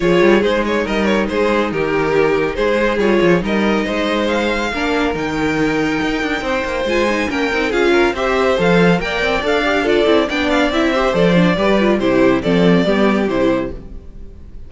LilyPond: <<
  \new Staff \with { instrumentName = "violin" } { \time 4/4 \tempo 4 = 140 cis''4 c''8 cis''8 dis''8 cis''8 c''4 | ais'2 c''4 cis''4 | dis''2 f''2 | g''1 |
gis''4 g''4 f''4 e''4 | f''4 g''4 f''4 d''4 | g''8 f''8 e''4 d''2 | c''4 d''2 c''4 | }
  \new Staff \with { instrumentName = "violin" } { \time 4/4 gis'2 ais'4 gis'4 | g'2 gis'2 | ais'4 c''2 ais'4~ | ais'2. c''4~ |
c''4 ais'4 gis'8 ais'8 c''4~ | c''4 d''2 a'4 | d''4. c''4. b'4 | g'4 a'4 g'2 | }
  \new Staff \with { instrumentName = "viola" } { \time 4/4 f'4 dis'2.~ | dis'2. f'4 | dis'2. d'4 | dis'1 |
f'8 dis'8 cis'8 dis'8 f'4 g'4 | a'4 ais'4 a'8 g'8 f'8 e'8 | d'4 e'8 g'8 a'8 d'8 g'8 f'8 | e'4 c'4 b4 e'4 | }
  \new Staff \with { instrumentName = "cello" } { \time 4/4 f8 g8 gis4 g4 gis4 | dis2 gis4 g8 f8 | g4 gis2 ais4 | dis2 dis'8 d'8 c'8 ais8 |
gis4 ais8 c'8 cis'4 c'4 | f4 ais8 c'8 d'4. c'8 | b4 c'4 f4 g4 | c4 f4 g4 c4 | }
>>